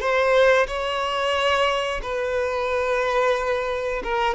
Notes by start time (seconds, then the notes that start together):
0.00 C5
0.67 C#5
2.02 B4
4.03 A#4